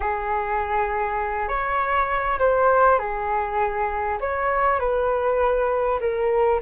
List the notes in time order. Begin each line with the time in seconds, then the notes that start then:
0.00 G#4
1.48 C#5
2.38 C5
2.98 G#4
4.20 C#5
4.79 B4
6.00 A#4